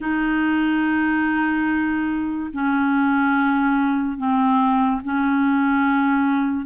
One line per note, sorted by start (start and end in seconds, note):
0.00 2.50 D#4
2.53 4.17 C#4
4.17 5.01 C4
5.04 6.65 C#4